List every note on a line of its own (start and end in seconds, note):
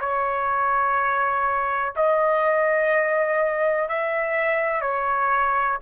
0.00 1.94 C#5
1.96 3.88 D#5
3.88 4.81 E5
4.81 5.78 C#5